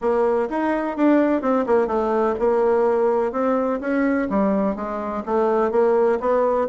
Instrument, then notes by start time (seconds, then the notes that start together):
bassoon
0.01 A#3
0.49 D#4
0.97 D4
1.41 C4
1.66 A#3
1.87 A3
2.39 A#3
3.32 C4
3.80 C#4
4.29 G3
4.75 G#3
5.25 A3
5.71 A#3
6.20 B3